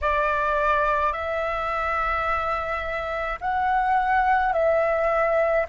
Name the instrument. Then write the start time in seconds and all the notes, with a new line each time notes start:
flute
0.01 D5
1.12 E5
3.40 F#5
4.52 E5